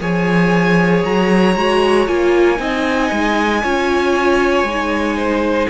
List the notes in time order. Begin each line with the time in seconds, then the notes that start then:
0.00 F3 G#4 C#5 G#5
1.05 F#3 A#5
1.56 G#3 F#4
2.07 A#3 F4 G#5
2.57 C4 D#4 D#5
3.12 G#3
3.63 C#4 F4 C#5
4.64 G#3 D#4
5.17 C5